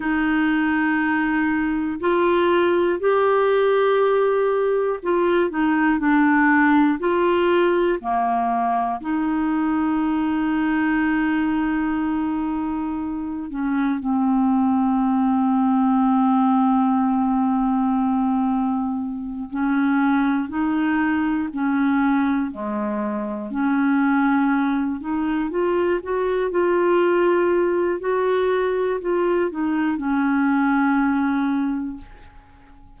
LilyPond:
\new Staff \with { instrumentName = "clarinet" } { \time 4/4 \tempo 4 = 60 dis'2 f'4 g'4~ | g'4 f'8 dis'8 d'4 f'4 | ais4 dis'2.~ | dis'4. cis'8 c'2~ |
c'2.~ c'8 cis'8~ | cis'8 dis'4 cis'4 gis4 cis'8~ | cis'4 dis'8 f'8 fis'8 f'4. | fis'4 f'8 dis'8 cis'2 | }